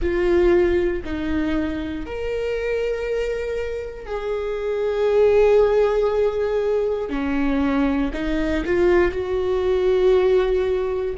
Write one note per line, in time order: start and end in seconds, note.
0.01 1.03 F4
1.04 2.06 D#4
2.06 4.06 A#4
4.06 7.09 G#4
7.09 8.11 C#4
8.13 8.64 D#4
8.64 9.11 F4
9.11 11.14 F#4